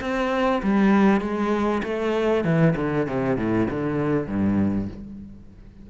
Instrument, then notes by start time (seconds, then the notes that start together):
cello
0.00 C4
0.63 G3
1.21 G#3
1.83 A3
2.44 E3
2.76 D3
3.06 C3
3.36 A2
3.70 D3
4.27 G2